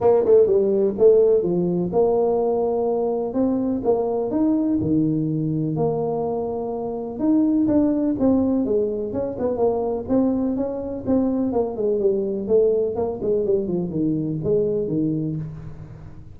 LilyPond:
\new Staff \with { instrumentName = "tuba" } { \time 4/4 \tempo 4 = 125 ais8 a8 g4 a4 f4 | ais2. c'4 | ais4 dis'4 dis2 | ais2. dis'4 |
d'4 c'4 gis4 cis'8 b8 | ais4 c'4 cis'4 c'4 | ais8 gis8 g4 a4 ais8 gis8 | g8 f8 dis4 gis4 dis4 | }